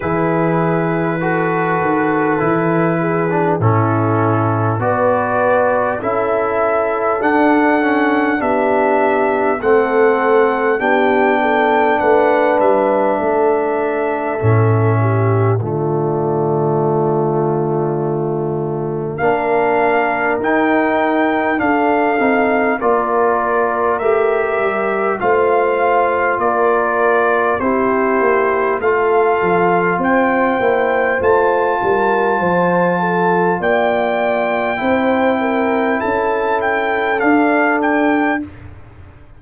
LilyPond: <<
  \new Staff \with { instrumentName = "trumpet" } { \time 4/4 \tempo 4 = 50 b'2. a'4 | d''4 e''4 fis''4 e''4 | fis''4 g''4 fis''8 e''4.~ | e''4 d''2. |
f''4 g''4 f''4 d''4 | e''4 f''4 d''4 c''4 | f''4 g''4 a''2 | g''2 a''8 g''8 f''8 g''8 | }
  \new Staff \with { instrumentName = "horn" } { \time 4/4 gis'4 a'4. gis'8 e'4 | b'4 a'2 g'4 | a'4 g'8 a'8 b'4 a'4~ | a'8 g'8 f'2. |
ais'2 a'4 ais'4~ | ais'4 c''4 ais'4 g'4 | a'4 c''4. ais'8 c''8 a'8 | d''4 c''8 ais'8 a'2 | }
  \new Staff \with { instrumentName = "trombone" } { \time 4/4 e'4 fis'4 e'8. d'16 cis'4 | fis'4 e'4 d'8 cis'8 d'4 | c'4 d'2. | cis'4 a2. |
d'4 dis'4 d'8 dis'8 f'4 | g'4 f'2 e'4 | f'4. e'8 f'2~ | f'4 e'2 d'4 | }
  \new Staff \with { instrumentName = "tuba" } { \time 4/4 e4. dis8 e4 a,4 | b4 cis'4 d'4 b4 | a4 b4 a8 g8 a4 | a,4 d2. |
ais4 dis'4 d'8 c'8 ais4 | a8 g8 a4 ais4 c'8 ais8 | a8 f8 c'8 ais8 a8 g8 f4 | ais4 c'4 cis'4 d'4 | }
>>